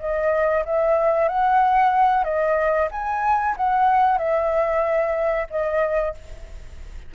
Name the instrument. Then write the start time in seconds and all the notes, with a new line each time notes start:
flute
0.00 D#5
0.65 E5
1.29 F#5
2.24 D#5
2.91 G#5
3.57 F#5
4.18 E5
5.50 D#5